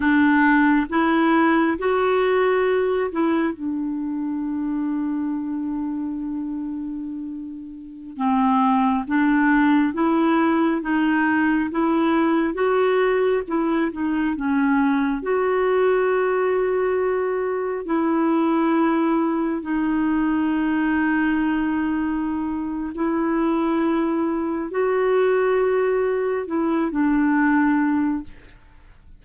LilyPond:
\new Staff \with { instrumentName = "clarinet" } { \time 4/4 \tempo 4 = 68 d'4 e'4 fis'4. e'8 | d'1~ | d'4~ d'16 c'4 d'4 e'8.~ | e'16 dis'4 e'4 fis'4 e'8 dis'16~ |
dis'16 cis'4 fis'2~ fis'8.~ | fis'16 e'2 dis'4.~ dis'16~ | dis'2 e'2 | fis'2 e'8 d'4. | }